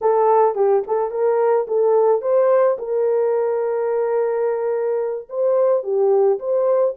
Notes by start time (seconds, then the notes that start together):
0.01 A4
0.55 G4
0.87 A4
1.11 A#4
1.67 A4
2.21 C5
2.78 A#4
5.29 C5
5.83 G4
6.39 C5